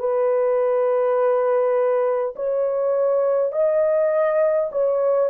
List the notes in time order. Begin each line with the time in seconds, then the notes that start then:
0.00 B4
2.36 C#5
3.53 D#5
4.72 C#5